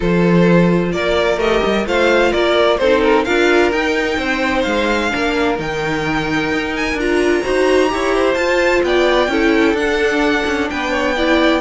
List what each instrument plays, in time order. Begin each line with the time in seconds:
0.00 cello F3, viola F4, violin A4 C5
0.92 cello A#3, violin A#4 D5
1.37 cello A3, viola G4, violin D#5
1.65 cello G3
1.86 cello A3, viola F4, violin C5 F5
2.31 cello A#3, violin A#4 D5
2.77 cello C4, viola D#4, violin A4 C5
3.02 violin A#4
3.24 cello D4, viola F4, violin A#4 F5
3.72 cello D#4, viola D#4, violin G5
4.17 cello C4, violin C5
4.62 cello G#3, violin F5
5.09 cello A#3, viola D4, violin A#4
5.56 cello D#3, viola D#4, violin G5
6.51 cello D#4
6.76 violin G#5
6.94 cello D4, viola F4, violin A#5
7.43 cello D#4, viola F#4, violin C5
7.89 cello E4, viola G4, violin C#5
8.15 violin C5
8.34 cello F4, viola F4, violin A5
8.83 cello B3, violin D5 G5
9.27 cello C#4, viola E4, violin A4
9.73 cello D4, viola D4, violin F#5
10.46 cello C#4
10.69 cello B3, violin B4 G5
10.91 violin C#5
11.16 viola E4, violin D5